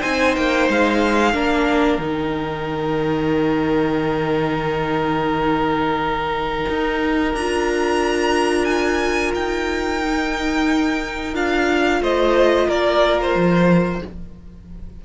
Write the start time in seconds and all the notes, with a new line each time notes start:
0.00 C4 D#4 C5 G#5
0.35 A#3 G5
0.69 G#3 F5
1.33 A#3 D4 A#4
1.98 D#3 D#4 G5
6.69 D#4
7.33 D4 F4 A#5
8.65 G#5
9.34 D#4 G5
10.03 D#4
11.34 D4 F4 F5
12.00 A3 C5 D#5
12.67 A#3 A#4 D5
13.22 C5
13.35 F3